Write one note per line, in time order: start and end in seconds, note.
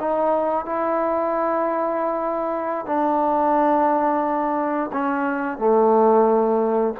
0.00 0.66 D#4
0.66 2.86 E4
2.86 4.91 D4
4.93 5.58 C#4
5.58 6.95 A3